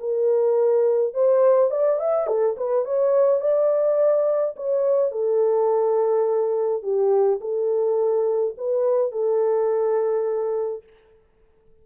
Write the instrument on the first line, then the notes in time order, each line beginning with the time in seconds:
horn
0.00 A#4
1.14 C5
1.71 D5
2.00 E5
2.27 A4
2.57 B4
2.85 C#5
3.41 D5
4.57 C#5
5.11 A4
6.83 G4
7.41 A4
8.58 B4
9.12 A4